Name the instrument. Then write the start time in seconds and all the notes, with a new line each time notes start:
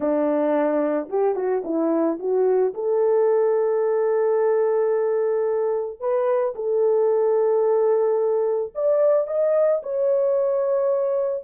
horn
0.00 D4
1.09 G4
1.35 F#4
1.64 E4
2.19 F#4
2.73 A4
6.00 B4
6.55 A4
8.74 D5
9.27 D#5
9.82 C#5